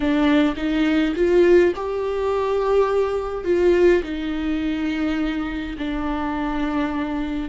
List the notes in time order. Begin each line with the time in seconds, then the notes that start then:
0.00 D4
0.56 D#4
1.15 F4
1.75 G4
3.44 F4
4.03 D#4
5.77 D4